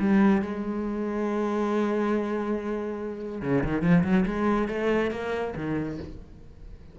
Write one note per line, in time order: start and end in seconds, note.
0.00 0.42 G3
0.42 3.42 G#3
3.42 3.64 C#3
3.64 3.82 D#3
3.82 4.04 F3
4.04 4.26 F#3
4.26 4.69 G#3
4.69 5.11 A3
5.11 5.54 A#3
5.57 5.99 D#3